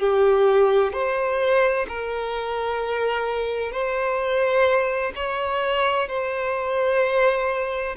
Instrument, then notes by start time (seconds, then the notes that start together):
violin
0.00 G4
0.93 C5
1.88 A#4
3.72 C5
5.16 C#5
6.09 C5